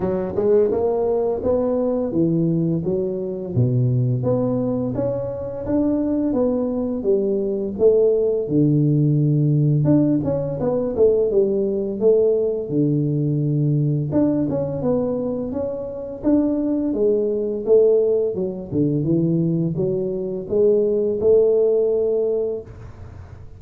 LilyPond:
\new Staff \with { instrumentName = "tuba" } { \time 4/4 \tempo 4 = 85 fis8 gis8 ais4 b4 e4 | fis4 b,4 b4 cis'4 | d'4 b4 g4 a4 | d2 d'8 cis'8 b8 a8 |
g4 a4 d2 | d'8 cis'8 b4 cis'4 d'4 | gis4 a4 fis8 d8 e4 | fis4 gis4 a2 | }